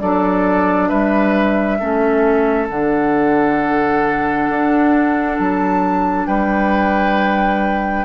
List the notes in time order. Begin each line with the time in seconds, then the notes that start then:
0.00 F#3 D4 A4 D5
0.88 G3 B4 E5
1.79 A3 C#4 A4
2.69 D3 D4 F#5
4.48 D4
5.38 F#3 A5
6.26 G3 B4 G5